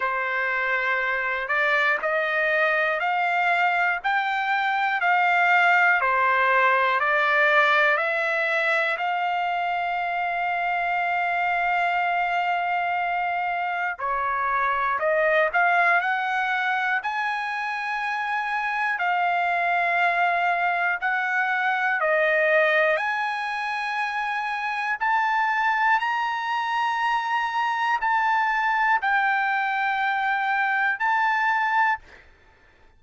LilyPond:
\new Staff \with { instrumentName = "trumpet" } { \time 4/4 \tempo 4 = 60 c''4. d''8 dis''4 f''4 | g''4 f''4 c''4 d''4 | e''4 f''2.~ | f''2 cis''4 dis''8 f''8 |
fis''4 gis''2 f''4~ | f''4 fis''4 dis''4 gis''4~ | gis''4 a''4 ais''2 | a''4 g''2 a''4 | }